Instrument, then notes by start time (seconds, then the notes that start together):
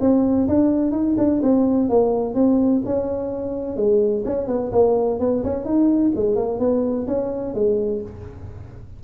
tuba
0.00 C4
0.48 D4
0.91 D#4
1.17 D4
1.42 C4
1.89 A#3
2.34 C4
2.85 C#4
3.76 G#3
4.25 C#4
4.47 B3
4.72 A#3
5.19 B3
5.43 C#4
5.65 D#4
6.15 G#3
6.35 A#3
6.59 B3
7.07 C#4
7.54 G#3